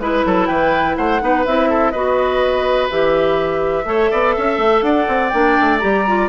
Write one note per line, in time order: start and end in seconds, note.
0.00 0.24 G#3
0.00 1.21 E4
0.00 0.47 B4
0.00 0.27 B4
0.26 0.49 F#3
0.26 0.48 A4
0.47 0.97 E3
0.47 0.97 B4
0.47 0.96 G5
0.97 1.22 A3
0.97 1.22 C5
0.97 1.45 F#5
1.21 1.46 B3
1.21 1.45 D#4
1.21 1.70 B4
1.46 1.94 C4
1.46 1.95 E4
1.46 1.91 E5
1.70 1.92 A4
1.91 2.91 B3
1.91 2.91 F#4
1.91 3.86 B4
1.91 2.88 D#5
2.91 3.86 E3
2.91 3.85 G4
2.91 4.83 E5
3.85 4.10 A3
3.85 5.30 A4
3.85 4.11 C#5
4.11 4.37 B3
4.11 4.35 D5
4.37 4.58 C#4
4.37 4.85 E5
4.58 4.83 A3
4.83 5.07 D4
4.83 6.29 D5
4.83 5.29 F#5
5.08 5.32 C4
5.29 5.58 A#3
5.29 5.81 D4
5.29 5.78 G5
5.61 5.83 A3
5.79 6.29 G3
5.79 6.05 G4
5.79 6.28 A#5
6.08 6.29 F4